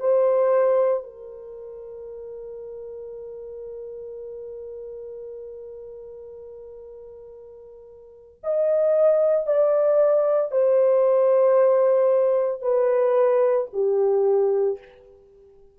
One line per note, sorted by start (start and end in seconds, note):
0.00 1.03 C5
1.03 8.40 A#4
8.43 9.46 D#5
9.46 10.51 D5
10.51 12.62 C5
12.62 13.67 B4
13.73 14.78 G4